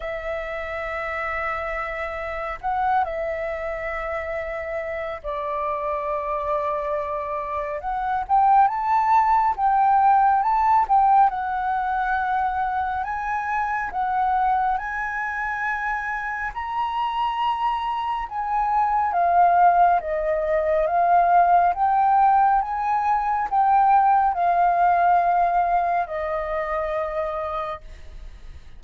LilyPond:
\new Staff \with { instrumentName = "flute" } { \time 4/4 \tempo 4 = 69 e''2. fis''8 e''8~ | e''2 d''2~ | d''4 fis''8 g''8 a''4 g''4 | a''8 g''8 fis''2 gis''4 |
fis''4 gis''2 ais''4~ | ais''4 gis''4 f''4 dis''4 | f''4 g''4 gis''4 g''4 | f''2 dis''2 | }